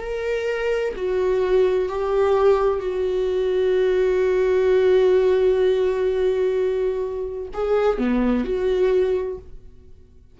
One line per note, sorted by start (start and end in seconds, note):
0.00 0.94 A#4
0.96 1.89 F#4
1.89 2.80 G4
2.80 7.49 F#4
7.53 7.98 G#4
7.98 8.45 B3
8.45 9.38 F#4